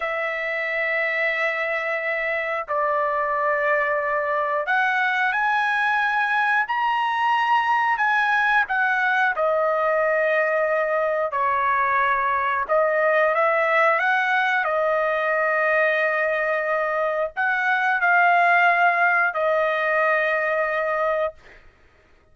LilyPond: \new Staff \with { instrumentName = "trumpet" } { \time 4/4 \tempo 4 = 90 e''1 | d''2. fis''4 | gis''2 ais''2 | gis''4 fis''4 dis''2~ |
dis''4 cis''2 dis''4 | e''4 fis''4 dis''2~ | dis''2 fis''4 f''4~ | f''4 dis''2. | }